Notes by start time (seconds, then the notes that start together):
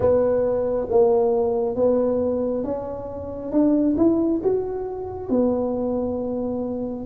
0.00 B3
0.90 A#3
1.75 B3
2.64 C#4
3.51 D4
3.97 E4
4.43 F#4
5.29 B3